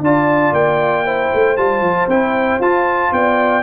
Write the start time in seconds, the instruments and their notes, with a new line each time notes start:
0.00 tuba D4, trombone F4, horn D5, trumpet A5
0.52 tuba A#3, trumpet G5
1.05 trombone E4, horn C5
1.33 tuba A3
1.56 tuba G3, trombone F4, trumpet A5
1.80 tuba F3
2.07 tuba C4, trombone E4, trumpet G5
2.59 tuba F4, trombone F4, trumpet A5
3.11 tuba B3, horn D5, trumpet G5